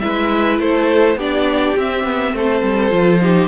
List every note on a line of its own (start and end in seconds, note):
0.00 0.59 G#3
0.00 1.18 E4
0.00 0.62 B4
0.00 0.58 E5
0.59 1.16 A3
0.59 1.17 A4
0.59 1.19 C5
1.16 1.74 B3
1.16 1.77 D4
1.16 2.34 G4
1.16 1.79 D5
1.77 2.90 C4
1.77 2.04 C4
1.77 2.37 E5
2.04 2.33 B3
2.33 2.62 A3
2.33 3.22 A4
2.33 3.48 C5
2.63 2.92 G3
2.90 3.48 F3
2.90 3.19 F4
3.21 3.48 D#4
3.21 3.48 G4